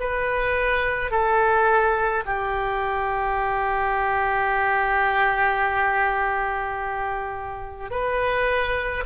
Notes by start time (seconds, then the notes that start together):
0.00 B4
1.11 A4
2.25 G4
7.91 B4